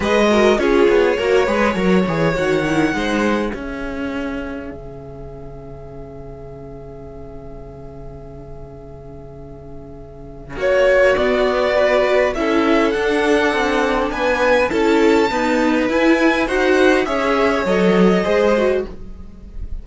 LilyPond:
<<
  \new Staff \with { instrumentName = "violin" } { \time 4/4 \tempo 4 = 102 dis''4 cis''2. | fis''2 e''2~ | e''1~ | e''1~ |
e''2 cis''4 d''4~ | d''4 e''4 fis''2 | gis''4 a''2 gis''4 | fis''4 e''4 dis''2 | }
  \new Staff \with { instrumentName = "violin" } { \time 4/4 b'8 ais'8 gis'4 ais'8 b'8 cis''4~ | cis''4 c''4 gis'2~ | gis'1~ | gis'1~ |
gis'2 fis'2 | b'4 a'2. | b'4 a'4 b'2 | c''4 cis''2 c''4 | }
  \new Staff \with { instrumentName = "viola" } { \time 4/4 gis'8 fis'8 f'4 fis'8 gis'8 ais'8 gis'8 | fis'8 e'8 dis'4 cis'2~ | cis'1~ | cis'1~ |
cis'2. b4 | fis'4 e'4 d'2~ | d'4 e'4 b4 e'4 | fis'4 gis'4 a'4 gis'8 fis'8 | }
  \new Staff \with { instrumentName = "cello" } { \time 4/4 gis4 cis'8 b8 ais8 gis8 fis8 e8 | dis4 gis4 cis'2 | cis1~ | cis1~ |
cis2 ais4 b4~ | b4 cis'4 d'4 c'4 | b4 cis'4 dis'4 e'4 | dis'4 cis'4 fis4 gis4 | }
>>